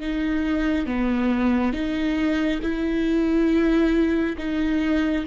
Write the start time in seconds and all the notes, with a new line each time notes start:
0.00 D#4
0.86 B3
1.73 D#4
2.62 E4
4.38 D#4